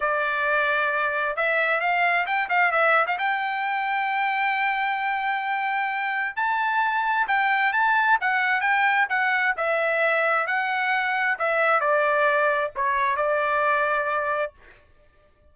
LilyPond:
\new Staff \with { instrumentName = "trumpet" } { \time 4/4 \tempo 4 = 132 d''2. e''4 | f''4 g''8 f''8 e''8. f''16 g''4~ | g''1~ | g''2 a''2 |
g''4 a''4 fis''4 g''4 | fis''4 e''2 fis''4~ | fis''4 e''4 d''2 | cis''4 d''2. | }